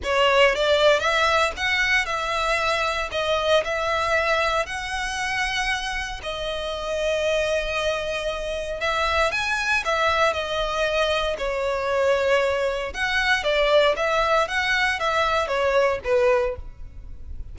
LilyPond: \new Staff \with { instrumentName = "violin" } { \time 4/4 \tempo 4 = 116 cis''4 d''4 e''4 fis''4 | e''2 dis''4 e''4~ | e''4 fis''2. | dis''1~ |
dis''4 e''4 gis''4 e''4 | dis''2 cis''2~ | cis''4 fis''4 d''4 e''4 | fis''4 e''4 cis''4 b'4 | }